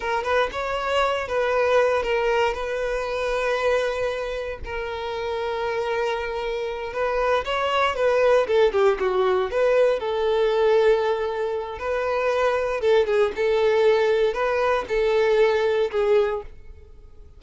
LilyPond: \new Staff \with { instrumentName = "violin" } { \time 4/4 \tempo 4 = 117 ais'8 b'8 cis''4. b'4. | ais'4 b'2.~ | b'4 ais'2.~ | ais'4. b'4 cis''4 b'8~ |
b'8 a'8 g'8 fis'4 b'4 a'8~ | a'2. b'4~ | b'4 a'8 gis'8 a'2 | b'4 a'2 gis'4 | }